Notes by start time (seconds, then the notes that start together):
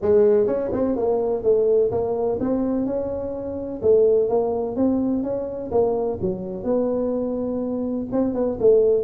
0.01 G#3
0.46 C#4
0.72 C4
0.96 A#3
1.43 A3
1.91 A#3
2.39 C4
2.85 C#4
3.81 A3
4.28 A#3
4.76 C4
5.23 C#4
5.71 A#3
6.21 F#3
6.63 B3
8.11 C4
8.34 B3
8.60 A3